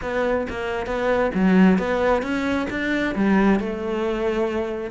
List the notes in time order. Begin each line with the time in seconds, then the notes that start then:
0.02 B3
0.49 A#3
0.86 B3
1.34 F#3
1.78 B3
2.22 C#4
2.70 D4
3.15 G3
3.59 A3